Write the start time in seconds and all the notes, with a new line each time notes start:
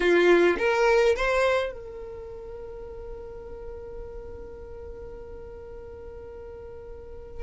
0.00 F4
0.58 A#4
1.16 C5
1.72 A#4